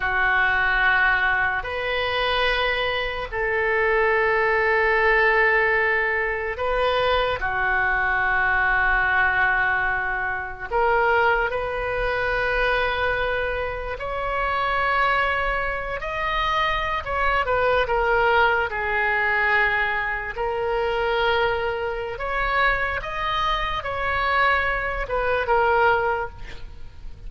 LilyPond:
\new Staff \with { instrumentName = "oboe" } { \time 4/4 \tempo 4 = 73 fis'2 b'2 | a'1 | b'4 fis'2.~ | fis'4 ais'4 b'2~ |
b'4 cis''2~ cis''8 dis''8~ | dis''8. cis''8 b'8 ais'4 gis'4~ gis'16~ | gis'8. ais'2~ ais'16 cis''4 | dis''4 cis''4. b'8 ais'4 | }